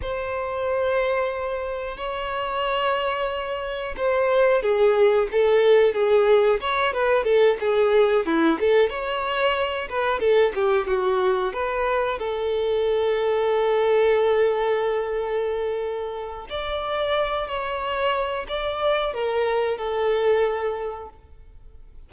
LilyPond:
\new Staff \with { instrumentName = "violin" } { \time 4/4 \tempo 4 = 91 c''2. cis''4~ | cis''2 c''4 gis'4 | a'4 gis'4 cis''8 b'8 a'8 gis'8~ | gis'8 e'8 a'8 cis''4. b'8 a'8 |
g'8 fis'4 b'4 a'4.~ | a'1~ | a'4 d''4. cis''4. | d''4 ais'4 a'2 | }